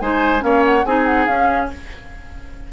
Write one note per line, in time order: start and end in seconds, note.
0.00 0.42 G#3
0.00 0.39 D#4
0.00 0.44 C5
0.00 0.43 G#5
0.39 0.85 A#3
0.39 0.82 C#4
0.39 0.85 C#5
0.39 0.64 F5
0.65 0.85 F#5
0.85 1.27 C4
0.85 1.29 D#4
0.85 1.71 G#4
0.85 1.06 G#5
1.06 1.26 F#5
1.26 1.70 C#4
1.26 1.72 C#4
1.26 1.69 F5